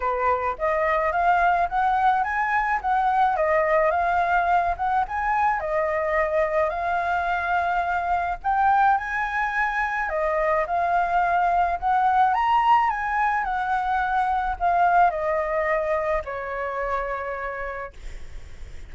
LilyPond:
\new Staff \with { instrumentName = "flute" } { \time 4/4 \tempo 4 = 107 b'4 dis''4 f''4 fis''4 | gis''4 fis''4 dis''4 f''4~ | f''8 fis''8 gis''4 dis''2 | f''2. g''4 |
gis''2 dis''4 f''4~ | f''4 fis''4 ais''4 gis''4 | fis''2 f''4 dis''4~ | dis''4 cis''2. | }